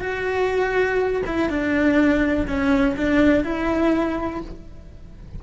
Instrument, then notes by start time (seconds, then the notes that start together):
cello
0.00 F#4
1.26 E4
1.49 D4
2.47 C#4
2.96 D4
3.43 E4